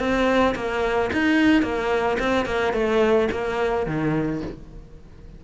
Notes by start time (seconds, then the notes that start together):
0.00 C4
0.56 A#3
1.13 D#4
1.63 A#3
2.20 C4
2.46 A#3
2.74 A3
3.32 A#3
3.87 D#3